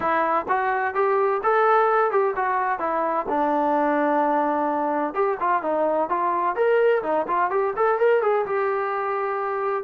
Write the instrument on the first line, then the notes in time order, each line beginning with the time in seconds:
trombone
0.00 E4
0.48 F#4
0.94 G4
1.43 A4
2.11 G4
2.35 F#4
2.79 E4
3.29 D4
5.14 G4
5.40 F4
5.62 D#4
6.09 F4
6.55 A#4
7.02 D#4
7.27 F4
7.50 G4
7.76 A4
7.98 A#4
8.22 G#4
8.45 G4